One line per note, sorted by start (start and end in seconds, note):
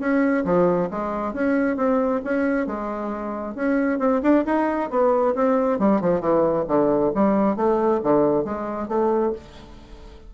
0.00 0.44 C#4
0.45 0.89 F3
0.91 1.34 G#3
1.34 1.77 C#4
1.77 2.21 C4
2.24 2.67 C#4
2.67 3.55 G#3
3.55 3.99 C#4
3.99 4.21 C4
4.23 4.45 D4
4.46 4.90 D#4
4.90 5.35 B3
5.35 5.79 C4
5.79 6.01 G3
6.01 6.21 F3
6.21 6.65 E3
6.68 7.13 D3
7.15 7.56 G3
7.56 8.01 A3
8.03 8.45 D3
8.45 8.88 G#3
8.88 9.33 A3